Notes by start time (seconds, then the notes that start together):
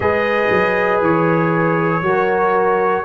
0.00 G#3 G#4 B4 D#5
0.50 F#3
1.01 E3 C#5
2.01 F#3 F#4 A#4